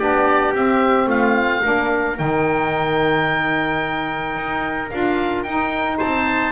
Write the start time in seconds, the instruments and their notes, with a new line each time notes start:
0.00 double bass B3, saxophone D4, trumpet G4, oboe D5
0.54 double bass C4, saxophone C4, oboe E5
1.06 double bass A3, trumpet F4, oboe F5
1.62 double bass A#3, saxophone D4, trumpet A#4
2.16 double bass D#3, saxophone D#4, oboe G5
4.36 double bass D#4
4.91 double bass D4, saxophone F4, oboe F5
5.43 double bass D#4, saxophone D#4, oboe G5
5.98 double bass C4, trumpet C5, oboe A5